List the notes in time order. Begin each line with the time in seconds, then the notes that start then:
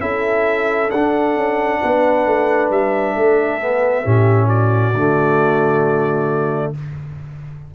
0.00 C#4 E4 A4 E5
0.90 D4 F#5
1.36 C#4
1.82 B3 B4
2.26 A3
2.70 G3 E5
3.15 A3 A4
3.61 B3
4.04 A2 C#4 G4
4.45 F#4 D5
4.94 D3 A3